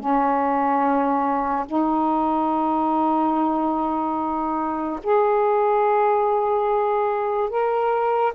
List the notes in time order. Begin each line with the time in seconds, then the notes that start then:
0.00 C#4
1.67 D#4
5.03 G#4
7.50 A#4